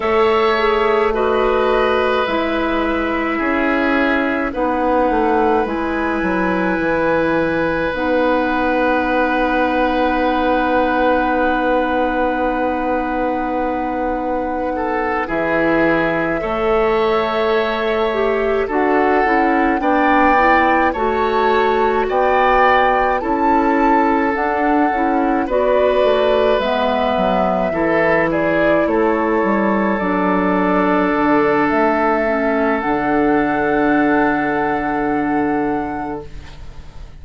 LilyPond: <<
  \new Staff \with { instrumentName = "flute" } { \time 4/4 \tempo 4 = 53 e''4 dis''4 e''2 | fis''4 gis''2 fis''4~ | fis''1~ | fis''4. e''2~ e''8~ |
e''8 fis''4 g''4 a''4 g''8~ | g''8 a''4 fis''4 d''4 e''8~ | e''4 d''8 cis''4 d''4. | e''4 fis''2. | }
  \new Staff \with { instrumentName = "oboe" } { \time 4/4 cis''4 b'2 gis'4 | b'1~ | b'1~ | b'4 a'8 gis'4 cis''4.~ |
cis''8 a'4 d''4 cis''4 d''8~ | d''8 a'2 b'4.~ | b'8 a'8 gis'8 a'2~ a'8~ | a'1 | }
  \new Staff \with { instrumentName = "clarinet" } { \time 4/4 a'8 gis'8 fis'4 e'2 | dis'4 e'2 dis'4~ | dis'1~ | dis'4. e'4 a'4. |
g'8 fis'8 e'8 d'8 e'8 fis'4.~ | fis'8 e'4 d'8 e'8 fis'4 b8~ | b8 e'2 d'4.~ | d'8 cis'8 d'2. | }
  \new Staff \with { instrumentName = "bassoon" } { \time 4/4 a2 gis4 cis'4 | b8 a8 gis8 fis8 e4 b4~ | b1~ | b4. e4 a4.~ |
a8 d'8 cis'8 b4 a4 b8~ | b8 cis'4 d'8 cis'8 b8 a8 gis8 | fis8 e4 a8 g8 fis4 d8 | a4 d2. | }
>>